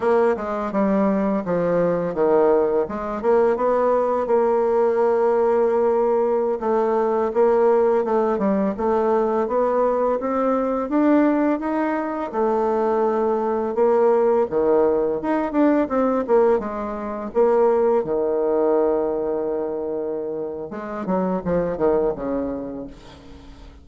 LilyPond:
\new Staff \with { instrumentName = "bassoon" } { \time 4/4 \tempo 4 = 84 ais8 gis8 g4 f4 dis4 | gis8 ais8 b4 ais2~ | ais4~ ais16 a4 ais4 a8 g16~ | g16 a4 b4 c'4 d'8.~ |
d'16 dis'4 a2 ais8.~ | ais16 dis4 dis'8 d'8 c'8 ais8 gis8.~ | gis16 ais4 dis2~ dis8.~ | dis4 gis8 fis8 f8 dis8 cis4 | }